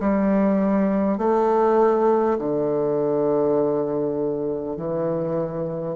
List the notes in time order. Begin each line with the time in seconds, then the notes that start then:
0.00 G3
1.17 A3
2.38 D3
4.77 E3